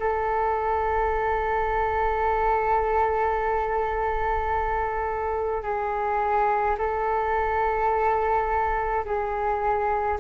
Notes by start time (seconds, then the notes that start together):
0.00 A4
5.63 G#4
6.78 A4
9.05 G#4